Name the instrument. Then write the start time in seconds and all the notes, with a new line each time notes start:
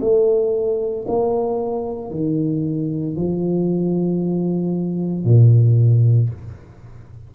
tuba
0.00 A3
1.08 A#3
2.11 D#3
3.16 F3
5.24 A#2